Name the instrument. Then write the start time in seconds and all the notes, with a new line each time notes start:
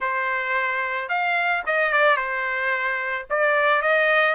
trumpet
0.00 C5
1.08 F5
1.65 D#5
1.92 D5
2.16 C5
3.30 D5
3.82 D#5